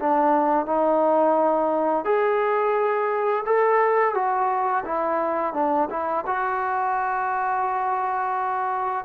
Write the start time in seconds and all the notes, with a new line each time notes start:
0.00 D4
0.66 D#4
2.05 G#4
3.46 A4
4.15 F#4
4.86 E4
5.54 D4
5.90 E4
6.27 F#4